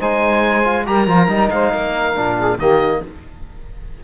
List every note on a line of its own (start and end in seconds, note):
0.00 0.88 G#3
0.00 0.65 D#4
0.00 0.86 C5
0.00 0.87 G#5
0.65 0.86 F4
0.86 1.08 G3
0.86 1.08 G4
0.86 1.53 A#4
0.86 1.51 A#5
1.08 1.28 F3
1.08 1.29 F4
1.28 1.49 G3
1.28 2.15 D#4
1.51 1.74 G#3
1.51 1.72 C5
1.51 2.59 F5
1.72 2.17 A#3
1.72 2.37 A#4
2.15 2.58 A#2
2.15 2.59 D4
2.39 2.58 G#4
2.58 3.01 D#3
2.58 3.04 A#3
2.58 3.02 G4
2.58 3.03 D#5